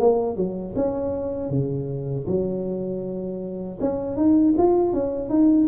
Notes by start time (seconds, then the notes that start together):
0.00 A#3
0.37 F#3
0.76 C#4
1.50 C#3
2.28 F#3
3.81 C#4
4.17 D#4
4.58 F4
4.94 C#4
5.30 D#4